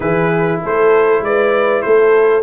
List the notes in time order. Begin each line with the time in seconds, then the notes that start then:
0.00 E3 E4 G#4 B4
0.63 A3 A4 C5
1.21 G#3 B4 D5
1.82 A3 A4 C5